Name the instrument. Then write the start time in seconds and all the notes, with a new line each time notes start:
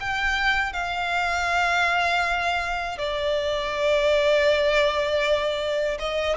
violin
0.00 G5
0.73 F5
2.98 D5
5.99 D#5